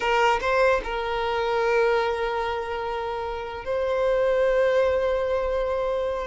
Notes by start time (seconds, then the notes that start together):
0.00 A#4
0.41 C5
0.84 A#4
3.64 C5